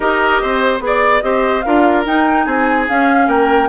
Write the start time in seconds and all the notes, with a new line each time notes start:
0.00 D#4 G4 A#4 D#5
0.41 C4 C5
0.80 B3 G#4
0.86 D5
1.22 C4 G4 C5 D#5
1.61 D4 F4 A#4 F5
2.05 D#4 G5
2.45 C4 G#4 G#5
2.88 C#4 F5
3.27 A#3 A#4 G5